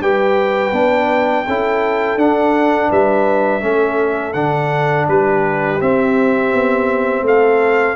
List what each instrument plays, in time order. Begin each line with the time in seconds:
0.00 tuba G3, trombone G4, horn B4, trumpet G5
0.72 tuba B3, trombone D4
1.46 tuba C#4, trombone E4, horn A4
2.16 tuba D4, trombone D4, trumpet F#5
2.89 tuba G3, horn B4, trumpet E5
3.60 tuba A3, trombone C#4, horn A4
4.33 tuba D3, trombone D4, trumpet F#5
5.08 tuba G3, horn G4, trumpet B4
5.80 trombone C4, tuba C4, trumpet E5
6.53 tuba B3
7.22 tuba A3, horn A4, trumpet F5